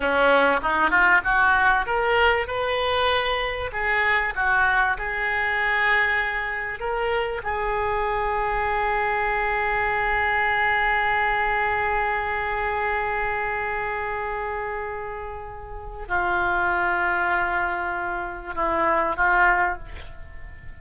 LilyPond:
\new Staff \with { instrumentName = "oboe" } { \time 4/4 \tempo 4 = 97 cis'4 dis'8 f'8 fis'4 ais'4 | b'2 gis'4 fis'4 | gis'2. ais'4 | gis'1~ |
gis'1~ | gis'1~ | gis'2 f'2~ | f'2 e'4 f'4 | }